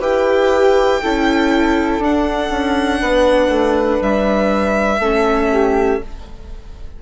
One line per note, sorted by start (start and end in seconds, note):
0.00 1.00 E4
0.00 1.01 G4
0.00 1.00 B4
0.00 2.02 G5
1.01 1.98 C#4
1.01 2.03 E4
1.01 3.00 A4
1.98 2.48 D4
1.98 5.01 D4
1.98 4.02 F#5
2.50 3.00 C#4
3.00 3.48 B3
3.00 5.00 B4
3.48 3.98 A3
4.01 4.99 G3
4.01 6.02 E5
4.99 5.99 A3
4.99 6.01 C#4
4.99 5.50 A4
5.51 6.01 G4